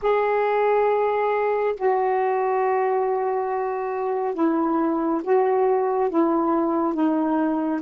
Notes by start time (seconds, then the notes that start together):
0.02 G#4
1.76 F#4
4.34 E4
5.23 F#4
6.09 E4
6.94 D#4